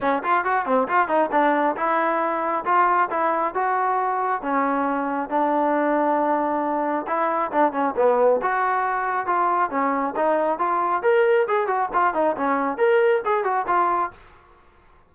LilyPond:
\new Staff \with { instrumentName = "trombone" } { \time 4/4 \tempo 4 = 136 cis'8 f'8 fis'8 c'8 f'8 dis'8 d'4 | e'2 f'4 e'4 | fis'2 cis'2 | d'1 |
e'4 d'8 cis'8 b4 fis'4~ | fis'4 f'4 cis'4 dis'4 | f'4 ais'4 gis'8 fis'8 f'8 dis'8 | cis'4 ais'4 gis'8 fis'8 f'4 | }